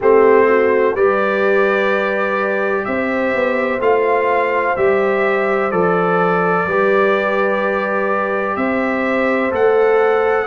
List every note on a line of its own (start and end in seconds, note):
0.00 0.94 A3
0.00 0.96 C4
0.00 0.45 G4
0.00 0.95 C5
0.48 0.94 F#4
0.94 2.85 G3
0.94 3.81 G4
0.94 2.84 B4
0.94 2.84 D5
2.84 3.34 C4
2.84 6.66 C5
2.84 3.80 E5
3.34 3.79 B3
3.79 4.74 A3
3.79 4.76 F4
3.79 4.76 F5
4.76 5.71 G3
4.76 5.71 G4
4.76 5.71 E5
5.71 6.66 F3
5.71 6.66 A4
5.71 8.56 D5
6.66 8.56 G3
6.66 9.50 G4
6.66 8.56 B4
8.56 9.51 C4
8.56 10.46 C5
8.56 9.51 E5
9.50 10.46 A3
9.50 10.46 A4
9.50 10.46 F#5